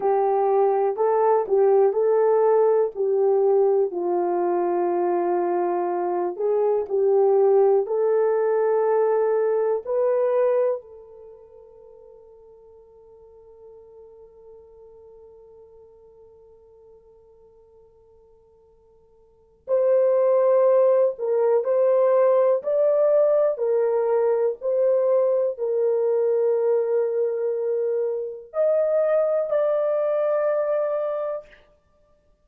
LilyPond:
\new Staff \with { instrumentName = "horn" } { \time 4/4 \tempo 4 = 61 g'4 a'8 g'8 a'4 g'4 | f'2~ f'8 gis'8 g'4 | a'2 b'4 a'4~ | a'1~ |
a'1 | c''4. ais'8 c''4 d''4 | ais'4 c''4 ais'2~ | ais'4 dis''4 d''2 | }